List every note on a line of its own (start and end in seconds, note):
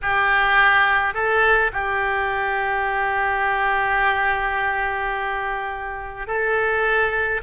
0.02 1.14 G4
1.14 1.71 A4
1.72 6.27 G4
6.27 7.41 A4